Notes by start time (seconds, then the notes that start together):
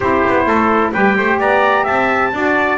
0.00 C4 E4 G4 C5
0.28 B3
0.46 A3 A4
0.92 G3 G4 B4 G5
1.17 A3 C5
1.39 B3 D5 A#5
1.83 C4 E5 A5
2.32 D4 F#4 D5